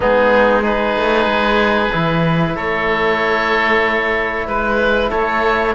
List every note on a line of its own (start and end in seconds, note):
0.00 0.96 G#3
0.00 0.62 B3
0.00 0.62 D#4
0.00 0.65 G#4
0.62 1.90 D#4
0.62 2.53 G#4
0.62 2.56 B4
0.96 1.25 A3
1.25 1.89 G#3
1.92 2.56 E3
1.92 5.74 E4
2.55 4.46 A3
2.55 4.46 A4
2.55 4.48 C#5
4.46 5.10 G#3
4.46 5.10 B4
4.46 5.11 B4
5.10 5.74 A3
5.10 5.73 A4
5.10 5.74 C#5